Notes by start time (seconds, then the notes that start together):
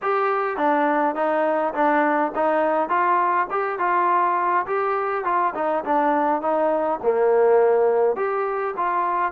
0.02 G4
0.57 D4
1.15 D#4
1.73 D4
2.35 D#4
2.89 F4
3.50 G4
3.78 F4
4.66 G4
5.24 F4
5.54 D#4
5.84 D4
6.41 D#4
7.02 A#3
8.16 G4
8.76 F4